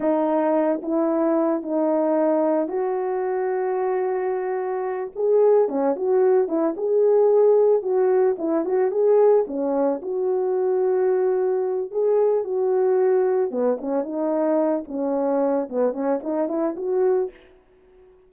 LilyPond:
\new Staff \with { instrumentName = "horn" } { \time 4/4 \tempo 4 = 111 dis'4. e'4. dis'4~ | dis'4 fis'2.~ | fis'4. gis'4 cis'8 fis'4 | e'8 gis'2 fis'4 e'8 |
fis'8 gis'4 cis'4 fis'4.~ | fis'2 gis'4 fis'4~ | fis'4 b8 cis'8 dis'4. cis'8~ | cis'4 b8 cis'8 dis'8 e'8 fis'4 | }